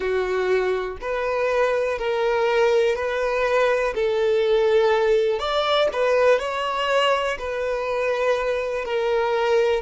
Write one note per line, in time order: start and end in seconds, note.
0.00 0.97 F#4
1.01 1.98 B4
1.98 2.95 A#4
2.95 3.93 B4
3.94 5.39 A4
5.39 5.88 D5
5.92 6.39 B4
6.39 7.37 C#5
7.39 8.84 B4
8.84 9.82 A#4